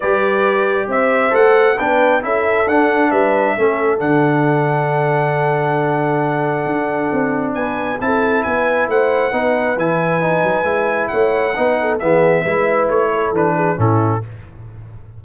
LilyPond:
<<
  \new Staff \with { instrumentName = "trumpet" } { \time 4/4 \tempo 4 = 135 d''2 e''4 fis''4 | g''4 e''4 fis''4 e''4~ | e''4 fis''2.~ | fis''1~ |
fis''4 gis''4 a''4 gis''4 | fis''2 gis''2~ | gis''4 fis''2 e''4~ | e''4 cis''4 b'4 a'4 | }
  \new Staff \with { instrumentName = "horn" } { \time 4/4 b'2 c''2 | b'4 a'2 b'4 | a'1~ | a'1~ |
a'4 b'4 a'4 b'4 | c''4 b'2.~ | b'4 cis''4 b'8 a'8 gis'4 | b'4. a'4 gis'8 e'4 | }
  \new Staff \with { instrumentName = "trombone" } { \time 4/4 g'2. a'4 | d'4 e'4 d'2 | cis'4 d'2.~ | d'1~ |
d'2 e'2~ | e'4 dis'4 e'4 dis'4 | e'2 dis'4 b4 | e'2 d'4 cis'4 | }
  \new Staff \with { instrumentName = "tuba" } { \time 4/4 g2 c'4 a4 | b4 cis'4 d'4 g4 | a4 d2.~ | d2. d'4 |
c'4 b4 c'4 b4 | a4 b4 e4. fis8 | gis4 a4 b4 e4 | gis4 a4 e4 a,4 | }
>>